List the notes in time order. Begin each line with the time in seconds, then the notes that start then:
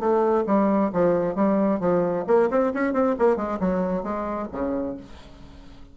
0.00 A3
0.47 G3
0.93 F3
1.36 G3
1.81 F3
2.28 A#3
2.51 C4
2.74 C#4
2.94 C4
3.19 A#3
3.37 G#3
3.60 F#3
4.04 G#3
4.52 C#3